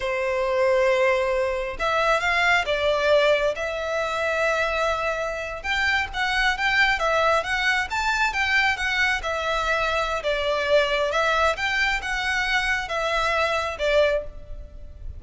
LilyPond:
\new Staff \with { instrumentName = "violin" } { \time 4/4 \tempo 4 = 135 c''1 | e''4 f''4 d''2 | e''1~ | e''8. g''4 fis''4 g''4 e''16~ |
e''8. fis''4 a''4 g''4 fis''16~ | fis''8. e''2~ e''16 d''4~ | d''4 e''4 g''4 fis''4~ | fis''4 e''2 d''4 | }